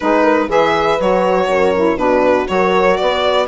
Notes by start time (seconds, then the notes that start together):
0.00 G#3 D#4 G#4 B4
0.23 A#4
0.48 E3 G#4 B4 E5
0.99 F#3 F#4 C#5
1.47 F#2 A#4
1.75 E4
1.96 B2 D4 F#4 B4
2.47 F#3 F#4 A#4 C#5
2.97 B3 B4 D5